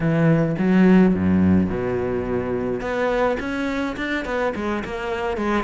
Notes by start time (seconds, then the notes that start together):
0.00 E3
0.58 F#3
1.14 F#2
1.70 B2
2.80 B3
3.39 C#4
3.96 D4
4.25 B3
4.55 G#3
4.84 A#3
5.37 G#3